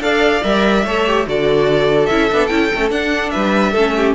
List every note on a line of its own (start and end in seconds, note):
0.00 0.41 D4
0.00 0.43 A4
0.00 0.85 D5
0.00 0.44 F5
0.44 0.85 G3
0.44 0.85 A#4
0.44 1.26 E5
0.85 1.27 A3
0.85 1.07 A4
0.85 1.27 C#5
1.07 1.27 G4
1.27 2.10 D3
1.27 2.10 F#4
1.27 3.33 A4
1.27 2.07 D5
2.07 2.31 C#4
2.07 2.31 E4
2.07 2.47 E5
2.31 2.50 B3
2.31 2.50 D4
2.47 2.71 C#4
2.47 2.70 E4
2.47 2.89 G5
2.74 2.91 A3
2.74 2.91 C#4
2.91 3.32 D4
2.91 3.74 D4
2.91 3.30 F#5
3.30 3.75 G3
3.30 3.72 B4
3.30 4.13 E5
3.72 4.15 A3
3.72 4.15 C#4
3.72 3.93 A4
3.96 4.15 G4